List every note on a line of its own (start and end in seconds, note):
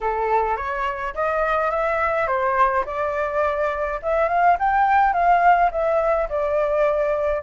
0.01 0.57 A4
0.57 1.14 C#5
1.14 1.71 D#5
1.71 2.27 E5
2.27 2.84 C5
2.85 3.99 D5
4.02 4.28 E5
4.28 4.57 F5
4.59 5.13 G5
5.13 5.70 F5
5.71 6.28 E5
6.29 7.42 D5